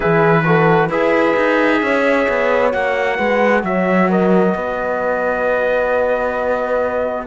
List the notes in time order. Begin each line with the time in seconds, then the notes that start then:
0.00 E3 E4 G#4 B4
0.44 F#4 A4
0.88 E4 G#4 B4 E5
1.36 D#4
1.81 C#4 C#5
2.28 B3
2.71 A#3 F#4 F#5
3.17 G#3 B4
3.63 F#3 C#5 E5
4.09 A#4 D#5
4.53 B3 B4